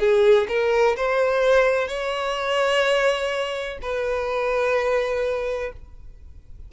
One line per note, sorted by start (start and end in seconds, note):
0.00 0.48 G#4
0.49 0.97 A#4
0.97 1.89 C5
1.89 3.79 C#5
3.83 5.73 B4